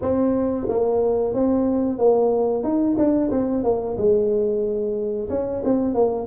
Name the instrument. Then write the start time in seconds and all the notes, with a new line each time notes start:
tuba
0.01 C4
0.68 A#3
1.34 C4
1.98 A#3
2.63 D#4
2.97 D4
3.31 C4
3.63 A#3
3.97 G#3
5.29 C#4
5.64 C4
5.94 A#3